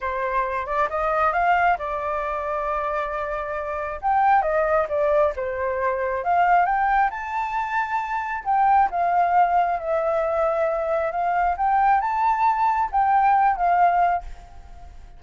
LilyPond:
\new Staff \with { instrumentName = "flute" } { \time 4/4 \tempo 4 = 135 c''4. d''8 dis''4 f''4 | d''1~ | d''4 g''4 dis''4 d''4 | c''2 f''4 g''4 |
a''2. g''4 | f''2 e''2~ | e''4 f''4 g''4 a''4~ | a''4 g''4. f''4. | }